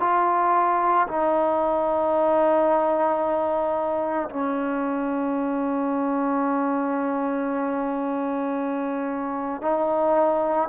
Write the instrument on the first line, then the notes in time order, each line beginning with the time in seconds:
trombone
0.00 F4
1.08 D#4
4.30 C#4
9.61 D#4